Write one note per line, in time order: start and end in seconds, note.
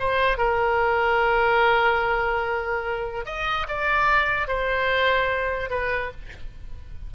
0.00 0.38 C5
0.38 3.26 A#4
3.26 3.67 D#5
3.68 4.48 D5
4.48 5.70 C5
5.70 6.12 B4